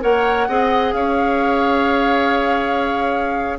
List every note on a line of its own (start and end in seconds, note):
0.00 0.48 A#3
0.00 0.46 A#4
0.00 0.48 C#5
0.00 0.93 F#5
0.48 0.93 C4
0.48 3.59 G#4
0.48 0.94 D#5
0.93 3.58 C#4
0.93 3.59 C#5
0.93 3.58 F5